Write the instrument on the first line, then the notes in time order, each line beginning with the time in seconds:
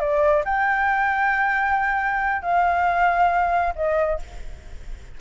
flute
0.00 D5
0.45 G5
2.42 F5
3.75 D#5